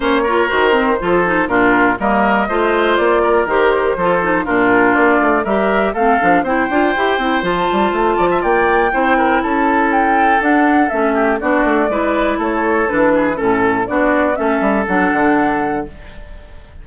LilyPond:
<<
  \new Staff \with { instrumentName = "flute" } { \time 4/4 \tempo 4 = 121 cis''4 c''2 ais'4 | dis''2 d''4 c''4~ | c''4 ais'4 d''4 e''4 | f''4 g''2 a''4~ |
a''4 g''2 a''4 | g''4 fis''4 e''4 d''4~ | d''4 cis''4 b'4 a'4 | d''4 e''4 fis''2 | }
  \new Staff \with { instrumentName = "oboe" } { \time 4/4 c''8 ais'4. a'4 f'4 | ais'4 c''4. ais'4. | a'4 f'2 ais'4 | a'4 c''2.~ |
c''8 d''16 e''16 d''4 c''8 ais'8 a'4~ | a'2~ a'8 g'8 fis'4 | b'4 a'4. gis'8 a'4 | fis'4 a'2. | }
  \new Staff \with { instrumentName = "clarinet" } { \time 4/4 cis'8 f'8 fis'8 c'8 f'8 dis'8 d'4 | ais4 f'2 g'4 | f'8 dis'8 d'2 g'4 | c'8 d'8 e'8 f'8 g'8 e'8 f'4~ |
f'2 e'2~ | e'4 d'4 cis'4 d'4 | e'2 d'4 cis'4 | d'4 cis'4 d'2 | }
  \new Staff \with { instrumentName = "bassoon" } { \time 4/4 ais4 dis4 f4 ais,4 | g4 a4 ais4 dis4 | f4 ais,4 ais8 a8 g4 | a8 f8 c'8 d'8 e'8 c'8 f8 g8 |
a8 f8 ais4 c'4 cis'4~ | cis'4 d'4 a4 b8 a8 | gis4 a4 e4 a,4 | b4 a8 g8 fis8 d4. | }
>>